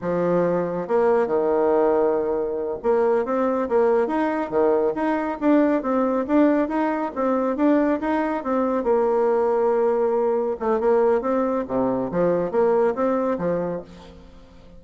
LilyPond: \new Staff \with { instrumentName = "bassoon" } { \time 4/4 \tempo 4 = 139 f2 ais4 dis4~ | dis2~ dis8 ais4 c'8~ | c'8 ais4 dis'4 dis4 dis'8~ | dis'8 d'4 c'4 d'4 dis'8~ |
dis'8 c'4 d'4 dis'4 c'8~ | c'8 ais2.~ ais8~ | ais8 a8 ais4 c'4 c4 | f4 ais4 c'4 f4 | }